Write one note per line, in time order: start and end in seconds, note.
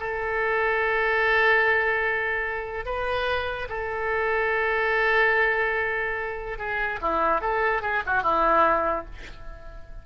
0.00 2.86 A4
2.86 3.68 B4
3.69 6.58 A4
6.58 7.00 G#4
7.02 7.41 E4
7.41 7.82 A4
7.82 8.03 G#4
8.07 8.23 F#4
8.23 9.05 E4